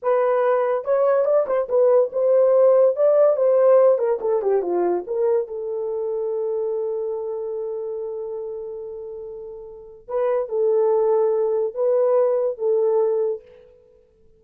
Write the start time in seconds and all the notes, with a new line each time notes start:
0.02 B4
0.84 C#5
1.25 D5
1.46 C5
1.68 B4
2.12 C5
2.96 D5
3.36 C5
3.98 A#4
4.21 A4
4.42 G4
4.62 F4
5.06 A#4
5.47 A4
10.08 B4
10.48 A4
11.74 B4
12.58 A4